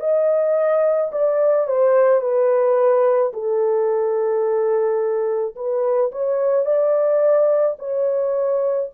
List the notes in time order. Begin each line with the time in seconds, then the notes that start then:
0.00 D#5
1.12 D5
1.67 C5
2.21 B4
3.33 A4
5.56 B4
6.12 C#5
6.66 D5
7.79 C#5